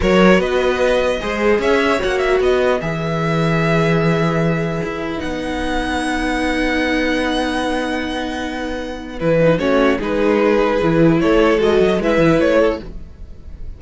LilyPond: <<
  \new Staff \with { instrumentName = "violin" } { \time 4/4 \tempo 4 = 150 cis''4 dis''2. | e''4 fis''8 e''8 dis''4 e''4~ | e''1~ | e''4 fis''2.~ |
fis''1~ | fis''2. b'4 | cis''4 b'2. | cis''4 dis''4 e''4 cis''4 | }
  \new Staff \with { instrumentName = "violin" } { \time 4/4 ais'4 b'2 c''4 | cis''2 b'2~ | b'1~ | b'1~ |
b'1~ | b'1 | fis'4 gis'2. | a'2 b'4. a'8 | }
  \new Staff \with { instrumentName = "viola" } { \time 4/4 fis'2. gis'4~ | gis'4 fis'2 gis'4~ | gis'1~ | gis'4 dis'2.~ |
dis'1~ | dis'2. e'8 dis'8 | cis'4 dis'2 e'4~ | e'4 fis'4 e'2 | }
  \new Staff \with { instrumentName = "cello" } { \time 4/4 fis4 b2 gis4 | cis'4 ais4 b4 e4~ | e1 | e'4 b2.~ |
b1~ | b2. e4 | a4 gis2 e4 | a4 gis8 fis8 gis8 e8 a4 | }
>>